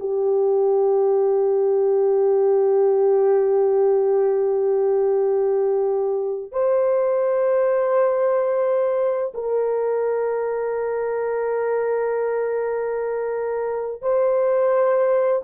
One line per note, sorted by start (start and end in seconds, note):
0.00 6.52 G4
6.52 9.33 C5
9.35 14.02 A#4
14.02 15.43 C5